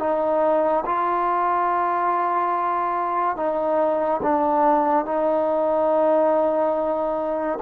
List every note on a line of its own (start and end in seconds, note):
0.00 0.85 D#4
0.86 3.36 F4
3.36 4.21 D#4
4.23 5.06 D4
5.06 7.59 D#4